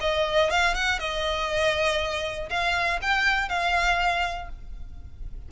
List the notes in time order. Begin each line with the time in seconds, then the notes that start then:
0.00 D#5
0.50 F5
0.74 F#5
0.99 D#5
2.49 F5
3.01 G5
3.49 F5